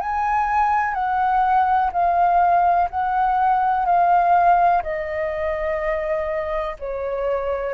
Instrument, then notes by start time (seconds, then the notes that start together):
flute
0.00 G#5
0.94 F#5
1.92 F5
2.90 F#5
3.85 F5
4.83 D#5
6.79 C#5